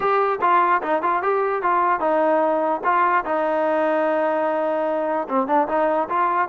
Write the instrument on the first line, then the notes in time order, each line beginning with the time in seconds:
trombone
0.00 G4
0.41 F4
0.82 D#4
1.02 F4
1.22 G4
1.62 F4
2.00 D#4
2.84 F4
3.24 D#4
5.29 C4
5.47 D4
5.68 D#4
6.09 F4